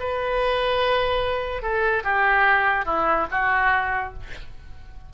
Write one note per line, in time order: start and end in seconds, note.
0.00 1.63 B4
1.63 2.04 A4
2.04 2.86 G4
2.86 3.27 E4
3.31 4.14 F#4